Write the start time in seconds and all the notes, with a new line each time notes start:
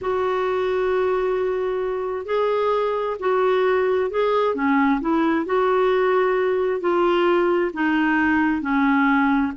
0.01 F#4
2.25 G#4
3.19 F#4
4.10 G#4
4.55 C#4
5.00 E4
5.45 F#4
6.80 F4
7.73 D#4
8.61 C#4